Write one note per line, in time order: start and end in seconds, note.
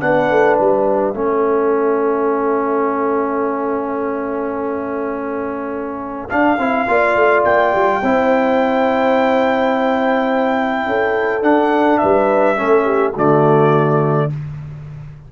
0.00 0.30 B3
0.00 1.14 D4
0.00 1.17 B4
0.00 0.58 F#5
0.30 0.59 A3
0.58 1.14 G3
0.58 6.29 E5
1.14 6.28 A3
1.14 6.28 C#4
1.14 6.88 A4
6.29 6.58 D4
6.29 7.44 F5
6.58 6.87 C4
6.58 6.87 E4
6.87 7.16 A#3
6.87 8.02 F4
6.87 8.02 D5
7.16 7.44 A3
7.45 7.73 A#3
7.45 11.43 G5
7.75 8.02 G3
8.02 10.86 C4
8.02 11.42 E4
8.02 10.87 C5
10.86 11.42 C#4
10.86 12.01 A4
11.42 12.56 D4
11.42 11.99 D4
11.42 11.98 F#5
11.98 12.60 G3
11.98 12.58 B4
11.98 13.12 E5
12.56 13.16 A3
12.56 13.13 C#4
12.56 12.85 A4
12.85 13.13 G4
13.13 14.30 D3
13.13 14.30 A3
13.13 14.27 F#4
13.13 14.32 D5